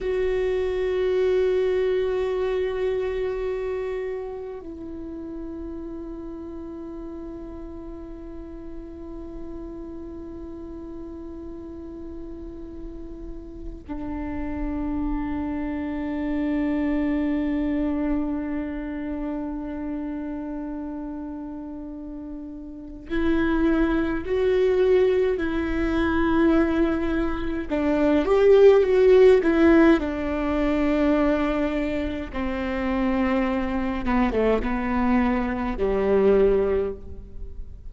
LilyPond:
\new Staff \with { instrumentName = "viola" } { \time 4/4 \tempo 4 = 52 fis'1 | e'1~ | e'1 | d'1~ |
d'1 | e'4 fis'4 e'2 | d'8 g'8 fis'8 e'8 d'2 | c'4. b16 a16 b4 g4 | }